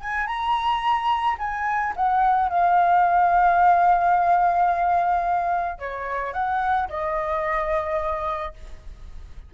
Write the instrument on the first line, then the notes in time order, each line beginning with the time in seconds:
flute
0.00 G#5
0.26 A#5
1.38 G#5
1.96 F#5
2.48 F5
5.78 C#5
6.33 F#5
6.88 D#5